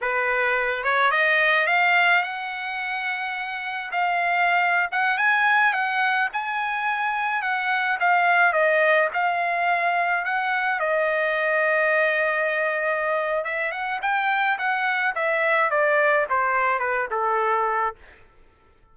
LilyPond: \new Staff \with { instrumentName = "trumpet" } { \time 4/4 \tempo 4 = 107 b'4. cis''8 dis''4 f''4 | fis''2. f''4~ | f''8. fis''8 gis''4 fis''4 gis''8.~ | gis''4~ gis''16 fis''4 f''4 dis''8.~ |
dis''16 f''2 fis''4 dis''8.~ | dis''1 | e''8 fis''8 g''4 fis''4 e''4 | d''4 c''4 b'8 a'4. | }